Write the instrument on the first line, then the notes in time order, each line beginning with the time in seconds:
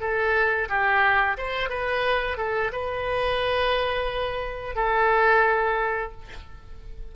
oboe
0.00 A4
0.69 G4
1.37 C5
1.69 B4
2.37 A4
2.72 B4
4.75 A4